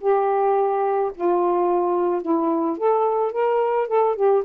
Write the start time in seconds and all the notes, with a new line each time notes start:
0.00 G4
1.14 F4
2.22 E4
2.77 A4
3.32 A#4
3.87 A4
4.15 G4